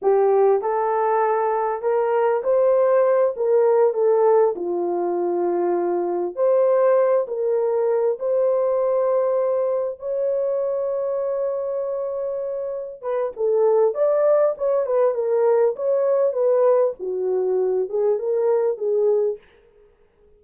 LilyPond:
\new Staff \with { instrumentName = "horn" } { \time 4/4 \tempo 4 = 99 g'4 a'2 ais'4 | c''4. ais'4 a'4 f'8~ | f'2~ f'8 c''4. | ais'4. c''2~ c''8~ |
c''8 cis''2.~ cis''8~ | cis''4. b'8 a'4 d''4 | cis''8 b'8 ais'4 cis''4 b'4 | fis'4. gis'8 ais'4 gis'4 | }